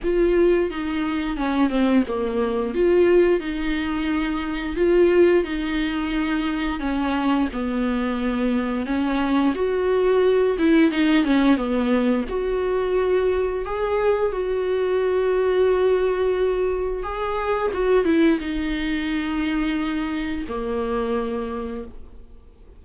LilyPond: \new Staff \with { instrumentName = "viola" } { \time 4/4 \tempo 4 = 88 f'4 dis'4 cis'8 c'8 ais4 | f'4 dis'2 f'4 | dis'2 cis'4 b4~ | b4 cis'4 fis'4. e'8 |
dis'8 cis'8 b4 fis'2 | gis'4 fis'2.~ | fis'4 gis'4 fis'8 e'8 dis'4~ | dis'2 ais2 | }